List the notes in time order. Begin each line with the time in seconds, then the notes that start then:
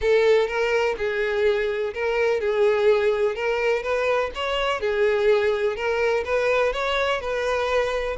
0.01 A4
0.47 A#4
0.97 G#4
1.94 A#4
2.40 G#4
3.35 A#4
3.82 B4
4.35 C#5
4.80 G#4
5.76 A#4
6.24 B4
6.72 C#5
7.20 B4